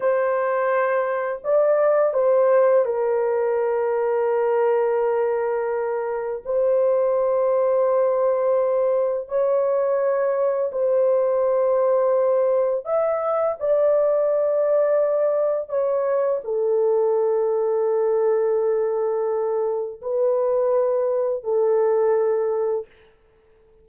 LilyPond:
\new Staff \with { instrumentName = "horn" } { \time 4/4 \tempo 4 = 84 c''2 d''4 c''4 | ais'1~ | ais'4 c''2.~ | c''4 cis''2 c''4~ |
c''2 e''4 d''4~ | d''2 cis''4 a'4~ | a'1 | b'2 a'2 | }